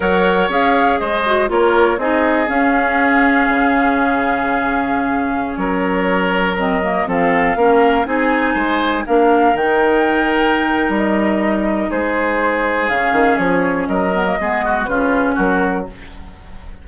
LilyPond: <<
  \new Staff \with { instrumentName = "flute" } { \time 4/4 \tempo 4 = 121 fis''4 f''4 dis''4 cis''4 | dis''4 f''2.~ | f''2.~ f''16 cis''8.~ | cis''4~ cis''16 dis''4 f''4.~ f''16~ |
f''16 gis''2 f''4 g''8.~ | g''2 dis''2 | c''2 f''4 cis''4 | dis''2 b'4 ais'4 | }
  \new Staff \with { instrumentName = "oboe" } { \time 4/4 cis''2 c''4 ais'4 | gis'1~ | gis'2.~ gis'16 ais'8.~ | ais'2~ ais'16 a'4 ais'8.~ |
ais'16 gis'4 c''4 ais'4.~ ais'16~ | ais'1 | gis'1 | ais'4 gis'8 fis'8 f'4 fis'4 | }
  \new Staff \with { instrumentName = "clarinet" } { \time 4/4 ais'4 gis'4. fis'8 f'4 | dis'4 cis'2.~ | cis'1~ | cis'4~ cis'16 c'8 ais8 c'4 cis'8.~ |
cis'16 dis'2 d'4 dis'8.~ | dis'1~ | dis'2 cis'2~ | cis'8 b16 ais16 b4 cis'2 | }
  \new Staff \with { instrumentName = "bassoon" } { \time 4/4 fis4 cis'4 gis4 ais4 | c'4 cis'2 cis4~ | cis2.~ cis16 fis8.~ | fis2~ fis16 f4 ais8.~ |
ais16 c'4 gis4 ais4 dis8.~ | dis2 g2 | gis2 cis8 dis8 f4 | fis4 gis4 cis4 fis4 | }
>>